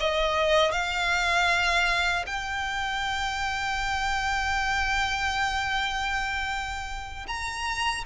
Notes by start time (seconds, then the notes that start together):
0.00 D#5
0.72 F5
2.26 G5
7.28 A#5